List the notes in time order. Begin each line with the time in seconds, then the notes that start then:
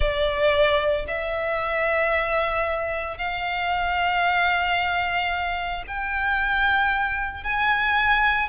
0.00 D5
1.07 E5
3.17 F5
5.87 G5
7.43 G#5